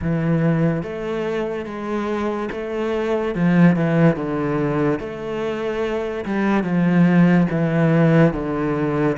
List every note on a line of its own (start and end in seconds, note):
0.02 0.82 E3
0.82 1.65 A3
1.65 2.48 G#3
2.51 3.34 A3
3.34 3.75 F3
3.75 4.16 E3
4.16 4.99 D3
4.99 6.24 A3
6.25 6.63 G3
6.63 7.47 F3
7.50 8.33 E3
8.33 9.16 D3